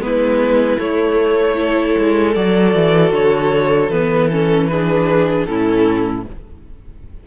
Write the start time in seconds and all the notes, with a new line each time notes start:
0.00 G#3 B3 E4 B4
0.78 A3 C#5
1.55 E4 A4
1.98 G#3
2.35 F#3 F#4 D5
2.75 E3
3.12 D3 C#5
3.90 E3 B3 B4
4.29 C#4 A4
4.68 D4 G#4 B4
5.45 A2 C#4 E4 A4